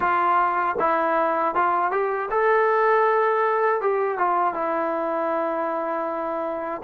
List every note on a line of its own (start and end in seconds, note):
0.00 0.76 F4
0.79 1.54 E4
1.54 1.91 F4
1.91 2.29 G4
2.30 3.81 A4
3.81 4.18 G4
4.18 4.54 F4
4.54 6.81 E4